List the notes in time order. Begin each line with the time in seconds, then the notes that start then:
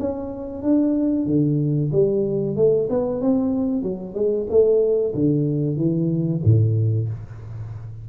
0.00 C#4
0.63 D4
1.27 D3
1.92 G3
2.56 A3
2.90 B3
3.22 C4
3.83 F#3
4.15 G#3
4.50 A3
5.15 D3
5.77 E3
6.45 A2